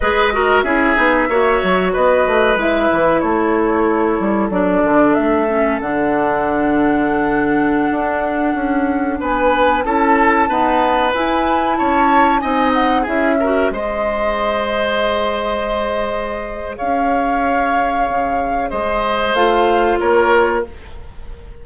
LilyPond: <<
  \new Staff \with { instrumentName = "flute" } { \time 4/4 \tempo 4 = 93 dis''4 e''2 dis''4 | e''4 cis''2 d''4 | e''4 fis''2.~ | fis''2~ fis''16 gis''4 a''8.~ |
a''4~ a''16 gis''4 a''4 gis''8 fis''16~ | fis''16 e''4 dis''2~ dis''8.~ | dis''2 f''2~ | f''4 dis''4 f''4 cis''4 | }
  \new Staff \with { instrumentName = "oboe" } { \time 4/4 b'8 ais'8 gis'4 cis''4 b'4~ | b'4 a'2.~ | a'1~ | a'2~ a'16 b'4 a'8.~ |
a'16 b'2 cis''4 dis''8.~ | dis''16 gis'8 ais'8 c''2~ c''8.~ | c''2 cis''2~ | cis''4 c''2 ais'4 | }
  \new Staff \with { instrumentName = "clarinet" } { \time 4/4 gis'8 fis'8 e'8 dis'8 fis'2 | e'2. d'4~ | d'8 cis'8 d'2.~ | d'2.~ d'16 e'8.~ |
e'16 b4 e'2 dis'8.~ | dis'16 e'8 fis'8 gis'2~ gis'8.~ | gis'1~ | gis'2 f'2 | }
  \new Staff \with { instrumentName = "bassoon" } { \time 4/4 gis4 cis'8 b8 ais8 fis8 b8 a8 | gis8 e8 a4. g8 fis8 d8 | a4 d2.~ | d16 d'4 cis'4 b4 cis'8.~ |
cis'16 dis'4 e'4 cis'4 c'8.~ | c'16 cis'4 gis2~ gis8.~ | gis2 cis'2 | cis4 gis4 a4 ais4 | }
>>